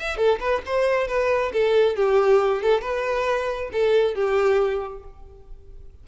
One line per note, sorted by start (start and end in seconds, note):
0.00 0.17 E5
0.17 0.39 A4
0.40 0.62 B4
0.66 1.08 C5
1.08 1.52 B4
1.53 1.96 A4
1.96 2.63 G4
2.63 2.82 A4
2.82 3.71 B4
3.73 4.15 A4
4.15 5.04 G4